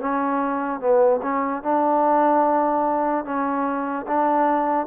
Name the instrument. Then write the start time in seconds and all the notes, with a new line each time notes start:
trombone
0.00 C#4
0.80 B3
1.22 C#4
1.63 D4
3.24 C#4
4.07 D4